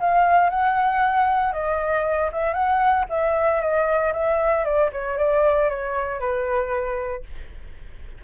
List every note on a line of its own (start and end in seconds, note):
0.00 0.50 F5
0.50 1.53 F#5
1.53 2.30 D#5
2.32 2.53 E5
2.53 3.05 F#5
3.10 3.61 E5
3.61 4.13 D#5
4.13 4.65 E5
4.65 4.90 D5
4.92 5.18 C#5
5.18 5.69 D5
5.69 6.20 C#5
6.20 7.24 B4